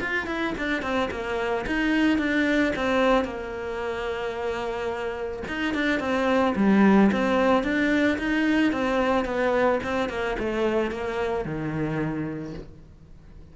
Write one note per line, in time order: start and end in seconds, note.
0.00 0.26 F4
0.26 0.54 E4
0.57 0.82 D4
0.82 1.09 C4
1.11 1.65 A#3
1.66 2.18 D#4
2.18 2.73 D4
2.75 3.24 C4
3.24 5.42 A#3
5.47 5.74 D#4
5.74 5.99 D4
5.99 6.54 C4
6.56 7.10 G3
7.12 7.63 C4
7.63 8.18 D4
8.18 8.72 D#4
8.72 9.25 C4
9.25 9.79 B3
9.83 10.09 C4
10.09 10.36 A#3
10.39 10.91 A3
10.91 11.44 A#3
11.44 12.54 D#3